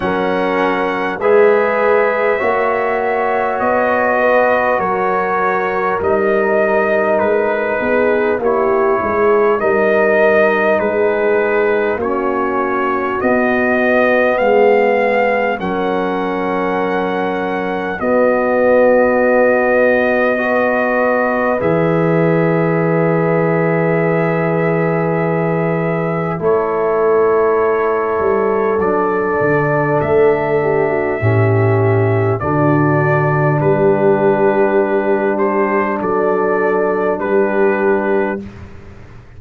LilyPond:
<<
  \new Staff \with { instrumentName = "trumpet" } { \time 4/4 \tempo 4 = 50 fis''4 e''2 dis''4 | cis''4 dis''4 b'4 cis''4 | dis''4 b'4 cis''4 dis''4 | f''4 fis''2 dis''4~ |
dis''2 e''2~ | e''2 cis''2 | d''4 e''2 d''4 | b'4. c''8 d''4 b'4 | }
  \new Staff \with { instrumentName = "horn" } { \time 4/4 ais'4 b'4 cis''4. b'8 | ais'2~ ais'8 gis'8 g'8 gis'8 | ais'4 gis'4 fis'2 | gis'4 ais'2 fis'4~ |
fis'4 b'2.~ | b'2 a'2~ | a'4. g'16 fis'16 g'4 fis'4 | g'2 a'4 g'4 | }
  \new Staff \with { instrumentName = "trombone" } { \time 4/4 cis'4 gis'4 fis'2~ | fis'4 dis'2 e'4 | dis'2 cis'4 b4~ | b4 cis'2 b4~ |
b4 fis'4 gis'2~ | gis'2 e'2 | d'2 cis'4 d'4~ | d'1 | }
  \new Staff \with { instrumentName = "tuba" } { \time 4/4 fis4 gis4 ais4 b4 | fis4 g4 gis8 b8 ais8 gis8 | g4 gis4 ais4 b4 | gis4 fis2 b4~ |
b2 e2~ | e2 a4. g8 | fis8 d8 a4 a,4 d4 | g2 fis4 g4 | }
>>